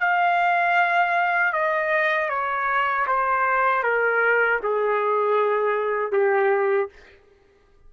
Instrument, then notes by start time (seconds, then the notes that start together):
trumpet
0.00 F5
1.53 D#5
2.29 C#5
3.07 C5
3.83 A#4
4.63 G#4
6.12 G4